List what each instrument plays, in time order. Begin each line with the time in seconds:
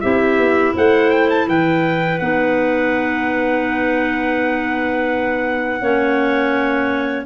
0.00 tuba C4, clarinet E4 G4, trumpet E5
0.37 tuba B3
0.74 tuba A3, clarinet C5, trumpet F#5
1.10 trumpet G5
1.29 trumpet A5
1.47 tuba E3, clarinet B4, trumpet G5
2.18 tuba B3, clarinet D#4, trumpet F#5
5.80 tuba A#3, clarinet C#4 C#5